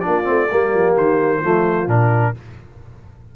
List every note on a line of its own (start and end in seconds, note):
0.00 0.24 D4
0.00 0.51 F4
0.00 0.93 D5
0.06 0.28 A#3
0.24 0.52 A3
0.24 0.47 C4
0.51 0.74 G3
0.51 1.43 A#3
0.51 1.40 G4
0.74 0.97 F3
0.97 1.43 D#3
0.97 1.89 C5
1.40 1.87 F3
1.40 1.87 A3
1.40 2.33 F4
1.87 2.33 A#2
1.87 2.34 D4
1.87 2.35 A#4